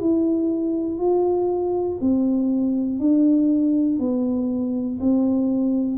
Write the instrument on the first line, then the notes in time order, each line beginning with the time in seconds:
tuba
0.00 E4
0.98 F4
2.00 C4
2.99 D4
3.99 B3
5.00 C4